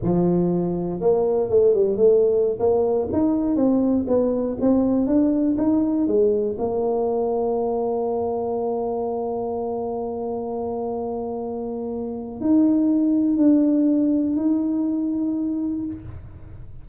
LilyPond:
\new Staff \with { instrumentName = "tuba" } { \time 4/4 \tempo 4 = 121 f2 ais4 a8 g8 | a4~ a16 ais4 dis'4 c'8.~ | c'16 b4 c'4 d'4 dis'8.~ | dis'16 gis4 ais2~ ais8.~ |
ais1~ | ais1~ | ais4 dis'2 d'4~ | d'4 dis'2. | }